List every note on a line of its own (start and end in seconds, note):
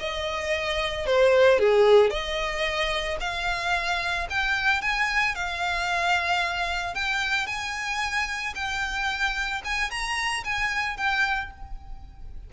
0.00 1.06 D#5
1.06 1.59 C5
1.59 2.11 G#4
2.11 3.18 D#5
3.21 4.28 F5
4.30 4.82 G5
4.82 5.35 G#5
5.35 6.95 F5
6.95 7.47 G5
7.47 8.54 G#5
8.55 9.62 G5
9.65 9.91 G#5
9.91 10.44 A#5
10.45 10.97 G#5
10.97 11.51 G5